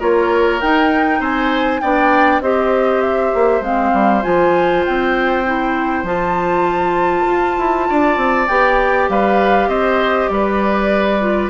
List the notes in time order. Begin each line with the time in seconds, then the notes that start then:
0.00 A#3 F4 A#4 C#5
0.61 D#4 G5
1.20 C4 C5 G#5
1.81 B3 D4 D5 G5
2.41 C4 G4 C5 D#5
3.02 E5
3.35 A#3
3.61 G#3 C4 F5
3.94 G3
4.23 F3 F4 G#5
4.86 C4 G5
5.46 E4
6.04 F3 F4 A5
7.26 F4
7.59 E4
7.89 D4 D5
8.17 C4
8.48 B3 G4 G5
9.09 G3 B4 F5
9.68 C4 C5 D#5
10.29 G3 B4 D5
11.21 F4